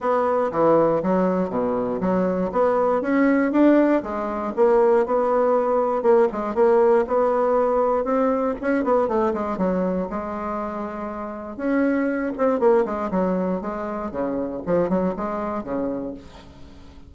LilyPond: \new Staff \with { instrumentName = "bassoon" } { \time 4/4 \tempo 4 = 119 b4 e4 fis4 b,4 | fis4 b4 cis'4 d'4 | gis4 ais4 b2 | ais8 gis8 ais4 b2 |
c'4 cis'8 b8 a8 gis8 fis4 | gis2. cis'4~ | cis'8 c'8 ais8 gis8 fis4 gis4 | cis4 f8 fis8 gis4 cis4 | }